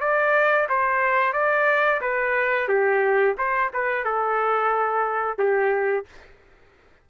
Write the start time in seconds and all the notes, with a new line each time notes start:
0.00 D5
0.69 C5
1.33 D5
2.00 B4
2.68 G4
3.37 C5
3.73 B4
4.04 A4
5.38 G4